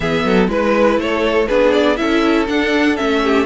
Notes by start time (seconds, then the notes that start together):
0.00 E3 B3 G#4 E5
0.24 F#3 A4
0.47 G#3 E4 B4
0.97 A3 A4 C#5
1.47 B3 D4 G#4 B4
1.72 D5
1.96 C#4 E4 A4 E5
2.48 D4 F#5
2.96 A3 C#4 E5
3.22 G4